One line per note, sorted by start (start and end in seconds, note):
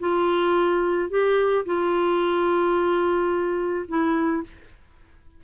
0.00 1.10 F4
1.10 1.65 G4
1.66 3.86 F4
3.88 4.43 E4